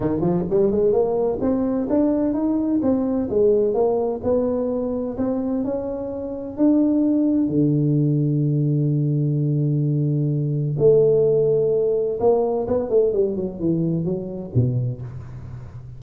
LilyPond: \new Staff \with { instrumentName = "tuba" } { \time 4/4 \tempo 4 = 128 dis8 f8 g8 gis8 ais4 c'4 | d'4 dis'4 c'4 gis4 | ais4 b2 c'4 | cis'2 d'2 |
d1~ | d2. a4~ | a2 ais4 b8 a8 | g8 fis8 e4 fis4 b,4 | }